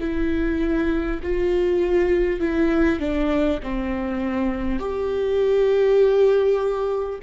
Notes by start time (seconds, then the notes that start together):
0.00 E4
1.23 F4
2.39 E4
2.99 D4
3.62 C4
4.79 G4